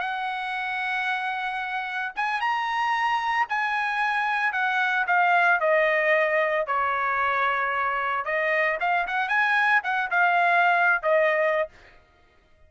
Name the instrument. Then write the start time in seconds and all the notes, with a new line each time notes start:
trumpet
0.00 F#5
2.16 G#5
2.41 A#5
3.49 G#5
4.53 F#5
5.07 F5
5.60 D#5
6.67 C#5
8.25 D#5
8.80 F5
9.07 F#5
9.28 G#5
9.84 F#5
10.11 F5
11.03 D#5